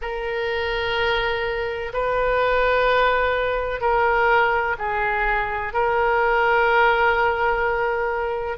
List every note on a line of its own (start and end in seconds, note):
0.01 1.92 A#4
1.93 3.81 B4
3.81 4.76 A#4
4.78 5.73 G#4
5.73 8.57 A#4